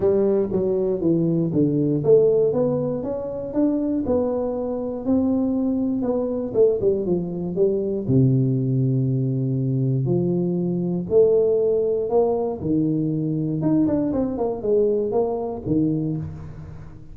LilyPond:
\new Staff \with { instrumentName = "tuba" } { \time 4/4 \tempo 4 = 119 g4 fis4 e4 d4 | a4 b4 cis'4 d'4 | b2 c'2 | b4 a8 g8 f4 g4 |
c1 | f2 a2 | ais4 dis2 dis'8 d'8 | c'8 ais8 gis4 ais4 dis4 | }